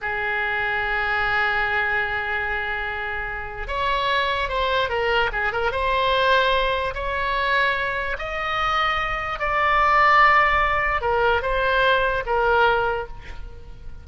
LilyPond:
\new Staff \with { instrumentName = "oboe" } { \time 4/4 \tempo 4 = 147 gis'1~ | gis'1~ | gis'4 cis''2 c''4 | ais'4 gis'8 ais'8 c''2~ |
c''4 cis''2. | dis''2. d''4~ | d''2. ais'4 | c''2 ais'2 | }